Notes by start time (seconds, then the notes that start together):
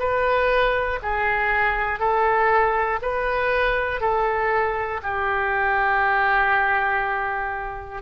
0.00 B4
1.02 G#4
2.00 A4
3.02 B4
4.01 A4
5.03 G4